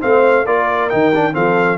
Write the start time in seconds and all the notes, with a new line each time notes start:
0.00 A3 C4 C5 F5
0.46 A#3 F4 A#4 D5
0.89 D#3 D#4 G5
1.15 D4
1.33 F3 C4 A4 F5